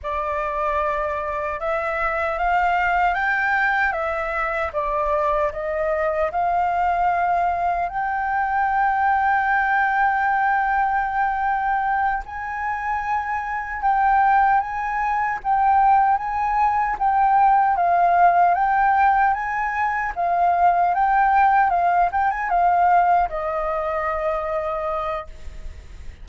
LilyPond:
\new Staff \with { instrumentName = "flute" } { \time 4/4 \tempo 4 = 76 d''2 e''4 f''4 | g''4 e''4 d''4 dis''4 | f''2 g''2~ | g''2.~ g''8 gis''8~ |
gis''4. g''4 gis''4 g''8~ | g''8 gis''4 g''4 f''4 g''8~ | g''8 gis''4 f''4 g''4 f''8 | g''16 gis''16 f''4 dis''2~ dis''8 | }